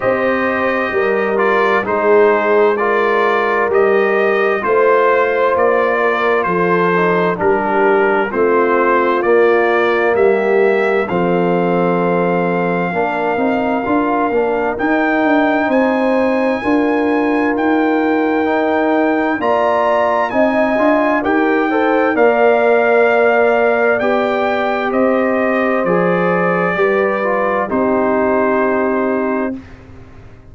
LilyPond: <<
  \new Staff \with { instrumentName = "trumpet" } { \time 4/4 \tempo 4 = 65 dis''4. d''8 c''4 d''4 | dis''4 c''4 d''4 c''4 | ais'4 c''4 d''4 e''4 | f''1 |
g''4 gis''2 g''4~ | g''4 ais''4 gis''4 g''4 | f''2 g''4 dis''4 | d''2 c''2 | }
  \new Staff \with { instrumentName = "horn" } { \time 4/4 c''4 ais'4 gis'4 ais'4~ | ais'4 c''4. ais'8 a'4 | g'4 f'2 g'4 | a'2 ais'2~ |
ais'4 c''4 ais'2~ | ais'4 d''4 dis''4 ais'8 c''8 | d''2. c''4~ | c''4 b'4 g'2 | }
  \new Staff \with { instrumentName = "trombone" } { \time 4/4 g'4. f'8 dis'4 f'4 | g'4 f'2~ f'8 dis'8 | d'4 c'4 ais2 | c'2 d'8 dis'8 f'8 d'8 |
dis'2 f'2 | dis'4 f'4 dis'8 f'8 g'8 a'8 | ais'2 g'2 | gis'4 g'8 f'8 dis'2 | }
  \new Staff \with { instrumentName = "tuba" } { \time 4/4 c'4 g4 gis2 | g4 a4 ais4 f4 | g4 a4 ais4 g4 | f2 ais8 c'8 d'8 ais8 |
dis'8 d'8 c'4 d'4 dis'4~ | dis'4 ais4 c'8 d'8 dis'4 | ais2 b4 c'4 | f4 g4 c'2 | }
>>